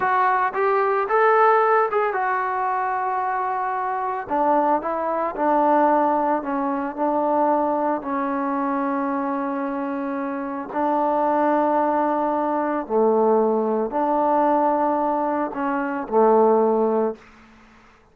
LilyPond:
\new Staff \with { instrumentName = "trombone" } { \time 4/4 \tempo 4 = 112 fis'4 g'4 a'4. gis'8 | fis'1 | d'4 e'4 d'2 | cis'4 d'2 cis'4~ |
cis'1 | d'1 | a2 d'2~ | d'4 cis'4 a2 | }